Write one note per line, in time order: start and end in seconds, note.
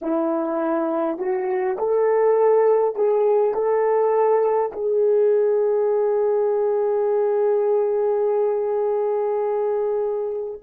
0.01 1.18 E4
1.18 1.77 F#4
1.78 2.95 A4
2.95 3.53 G#4
3.53 4.71 A4
4.72 10.60 G#4